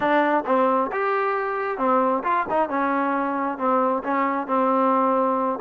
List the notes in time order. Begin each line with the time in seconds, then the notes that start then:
0.00 D4
0.46 C4
0.92 G4
1.78 C4
2.23 F4
2.49 D#4
2.69 C#4
3.58 C4
4.03 C#4
4.47 C4